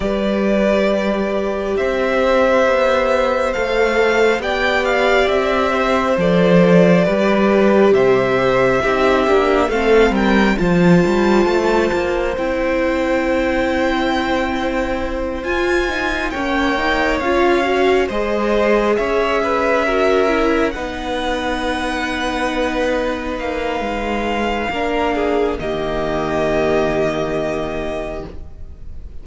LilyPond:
<<
  \new Staff \with { instrumentName = "violin" } { \time 4/4 \tempo 4 = 68 d''2 e''2 | f''4 g''8 f''8 e''4 d''4~ | d''4 e''2 f''8 g''8 | a''2 g''2~ |
g''4. gis''4 g''4 f''8~ | f''8 dis''4 e''2 fis''8~ | fis''2~ fis''8 f''4.~ | f''4 dis''2. | }
  \new Staff \with { instrumentName = "violin" } { \time 4/4 b'2 c''2~ | c''4 d''4. c''4. | b'4 c''4 g'4 a'8 ais'8 | c''1~ |
c''2~ c''8 cis''4.~ | cis''8 c''4 cis''8 b'8 ais'4 b'8~ | b'1 | ais'8 gis'8 g'2. | }
  \new Staff \with { instrumentName = "viola" } { \time 4/4 g'1 | a'4 g'2 a'4 | g'2 dis'8 d'8 c'4 | f'2 e'2~ |
e'4. f'8 dis'8 cis'8 dis'8 f'8 | fis'8 gis'2 fis'8 e'8 dis'8~ | dis'1 | d'4 ais2. | }
  \new Staff \with { instrumentName = "cello" } { \time 4/4 g2 c'4 b4 | a4 b4 c'4 f4 | g4 c4 c'8 ais8 a8 g8 | f8 g8 a8 ais8 c'2~ |
c'4. f'4 ais4 cis'8~ | cis'8 gis4 cis'2 b8~ | b2~ b8 ais8 gis4 | ais4 dis2. | }
>>